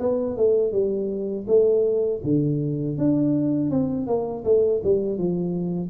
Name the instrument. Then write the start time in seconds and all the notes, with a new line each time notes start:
tuba
0.00 B3
0.37 A3
0.72 G3
1.47 A3
2.24 D3
2.98 D4
3.71 C4
4.07 A#3
4.45 A3
4.84 G3
5.18 F3